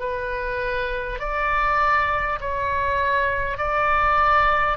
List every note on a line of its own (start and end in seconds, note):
0.00 1.20 B4
1.20 2.40 D5
2.41 3.58 C#5
3.58 4.78 D5